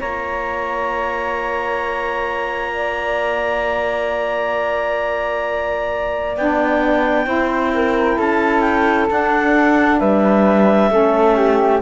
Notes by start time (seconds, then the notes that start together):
0.00 A#3 F4 C#5 A#5
2.73 D5
6.37 B3 D4 G5
7.27 C4 E4 C5
7.75 A#4
8.18 C#4 A4 A5
8.61 G5
9.10 D4 F#5
10.00 G3 B4 E5
10.91 A3 C#4 A4
11.37 G4